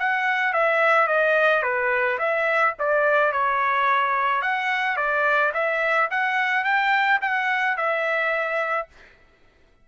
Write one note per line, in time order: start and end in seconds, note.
0.00 0.54 F#5
0.54 1.08 E5
1.08 1.63 D#5
1.63 2.19 B4
2.19 2.75 E5
2.80 3.33 D5
3.33 4.42 C#5
4.42 4.97 F#5
4.97 5.53 D5
5.54 6.10 E5
6.11 6.65 F#5
6.65 7.20 G5
7.22 7.77 F#5
7.77 8.88 E5